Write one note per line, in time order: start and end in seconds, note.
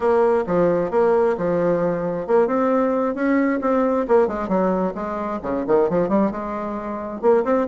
0.00 0.44 A#3
0.47 0.90 F3
0.90 1.35 A#3
1.37 2.27 F3
2.27 2.47 A#3
2.47 3.14 C4
3.14 3.59 C#4
3.61 4.06 C4
4.08 4.27 A#3
4.27 4.48 G#3
4.48 4.93 F#3
4.95 5.40 G#3
5.42 5.65 C#3
5.67 5.89 D#3
5.89 6.08 F3
6.08 6.31 G3
6.31 7.21 G#3
7.21 7.44 A#3
7.44 7.67 C4